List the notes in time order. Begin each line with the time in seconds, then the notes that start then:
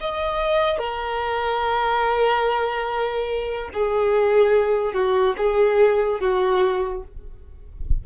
0.00 D#5
0.78 A#4
3.73 G#4
4.93 F#4
5.37 G#4
6.20 F#4